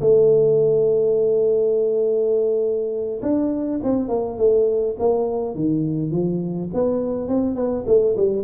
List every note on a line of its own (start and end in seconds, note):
0.00 3.20 A3
3.22 3.80 D4
3.83 4.08 C4
4.08 4.37 A#3
4.37 4.96 A3
4.99 5.55 A#3
5.55 6.11 D#3
6.11 6.69 F3
6.73 7.28 B3
7.28 7.55 C4
7.55 7.84 B3
7.86 8.15 A3
8.16 8.44 G3